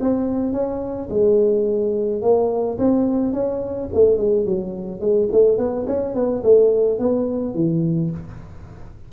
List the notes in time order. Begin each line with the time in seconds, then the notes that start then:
0.00 C4
0.52 C#4
1.10 G#3
2.21 A#3
2.78 C4
3.32 C#4
3.94 A3
4.17 G#3
4.45 F#3
5.00 G#3
5.32 A3
5.57 B3
5.86 C#4
6.14 B3
6.43 A3
6.98 B3
7.54 E3